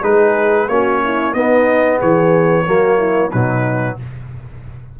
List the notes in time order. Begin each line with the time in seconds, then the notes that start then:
0.00 G#3 D#4 G#4 B4
0.68 A#3 C#4 F#4 C#5
1.04 E4
1.33 B3 D#4 D#5
1.98 E3 G#4 C#5
2.65 F#3 A#3 F#4
2.97 E4
3.29 B2 F#3 D#4 B4